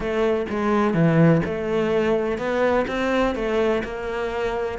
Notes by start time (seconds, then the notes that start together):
0.00 A3
0.49 G#3
0.94 E3
1.45 A3
2.38 B3
2.87 C4
3.35 A3
3.83 A#3